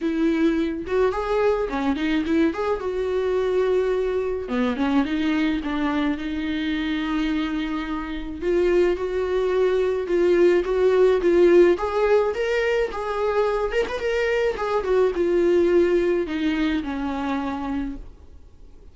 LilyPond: \new Staff \with { instrumentName = "viola" } { \time 4/4 \tempo 4 = 107 e'4. fis'8 gis'4 cis'8 dis'8 | e'8 gis'8 fis'2. | b8 cis'8 dis'4 d'4 dis'4~ | dis'2. f'4 |
fis'2 f'4 fis'4 | f'4 gis'4 ais'4 gis'4~ | gis'8 ais'16 b'16 ais'4 gis'8 fis'8 f'4~ | f'4 dis'4 cis'2 | }